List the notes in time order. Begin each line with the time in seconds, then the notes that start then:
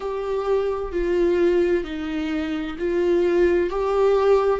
0.00 G4
0.91 F4
1.84 D#4
2.78 F4
3.69 G4